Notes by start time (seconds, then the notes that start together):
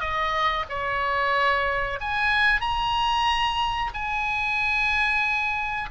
0.00 D#5
0.69 C#5
2.00 G#5
2.61 A#5
3.94 G#5